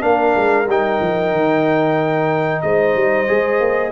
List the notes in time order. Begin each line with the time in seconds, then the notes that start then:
0.00 A#3 D4 A#4 F5
0.37 G#3
0.67 G3 D#4 G5
1.01 F3
1.32 D#3
2.62 G#3 C5 D#5
2.96 G3
3.28 G#3 G#4
3.60 A#3